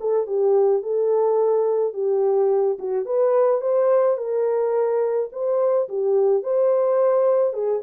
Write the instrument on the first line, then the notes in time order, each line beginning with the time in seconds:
horn
0.00 A4
0.27 G4
0.83 A4
1.93 G4
2.79 F#4
3.05 B4
3.61 C5
4.17 A#4
5.32 C5
5.89 G4
6.43 C5
7.53 G#4